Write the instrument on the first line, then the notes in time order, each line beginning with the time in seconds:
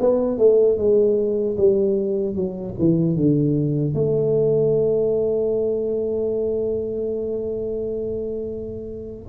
tuba
0.00 B3
0.38 A3
0.78 G#3
1.57 G3
2.35 F#3
2.79 E3
3.16 D3
3.94 A3